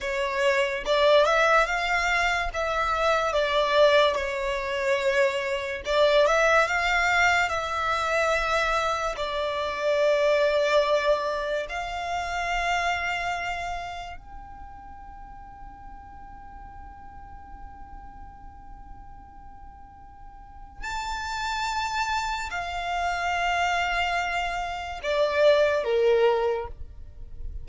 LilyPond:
\new Staff \with { instrumentName = "violin" } { \time 4/4 \tempo 4 = 72 cis''4 d''8 e''8 f''4 e''4 | d''4 cis''2 d''8 e''8 | f''4 e''2 d''4~ | d''2 f''2~ |
f''4 g''2.~ | g''1~ | g''4 a''2 f''4~ | f''2 d''4 ais'4 | }